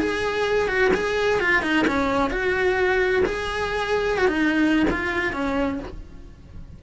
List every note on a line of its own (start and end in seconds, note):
0.00 0.68 G#4
0.68 0.92 F#4
0.95 1.40 G#4
1.40 1.63 F4
1.63 1.86 D#4
1.88 2.31 C#4
2.31 3.24 F#4
3.26 4.18 G#4
4.18 4.28 F#4
4.28 4.86 D#4
4.91 5.33 F4
5.33 5.80 C#4